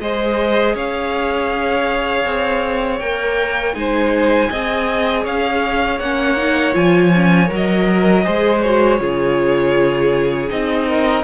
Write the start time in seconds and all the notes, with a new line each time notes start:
0.00 G#3 G#4 C5 D#5
0.75 C#4 C#5 F5
2.25 C4
2.99 A#3 A#4 G5
3.74 G#3 D#4 C5 G#5
4.50 C4 G#4 D#5
5.23 C#4 C#5 F5
5.99 A#3 C#4 F#5
6.37 D#4
6.73 F3 F4 G#5
7.15 C#4
7.46 F#3 A#4
7.55 D#5
7.88 A#4
8.23 G#3 G#4 C5
8.61 F#4 C#5
8.98 C#3 F4 G#4
10.48 C4 D#4 D#5
10.87 A#4